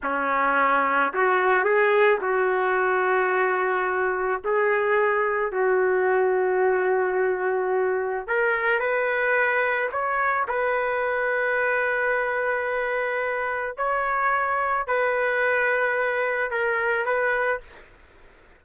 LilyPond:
\new Staff \with { instrumentName = "trumpet" } { \time 4/4 \tempo 4 = 109 cis'2 fis'4 gis'4 | fis'1 | gis'2 fis'2~ | fis'2. ais'4 |
b'2 cis''4 b'4~ | b'1~ | b'4 cis''2 b'4~ | b'2 ais'4 b'4 | }